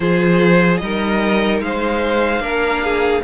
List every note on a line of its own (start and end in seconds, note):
0.00 0.81 F3
0.00 0.80 F4
0.00 0.82 G#4
0.00 0.77 C5
0.77 1.60 G3
0.77 2.41 D#4
0.77 1.64 A#4
0.77 1.58 D#5
1.60 2.40 G#3
1.60 2.42 C5
1.60 3.23 F5
2.40 3.21 A#3
2.40 3.22 D4
2.40 2.82 A#4
2.83 3.23 G#4